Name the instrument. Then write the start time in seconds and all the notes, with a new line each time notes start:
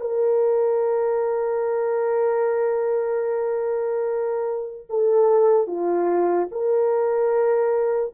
horn
0.00 A#4
4.89 A4
5.67 F4
6.51 A#4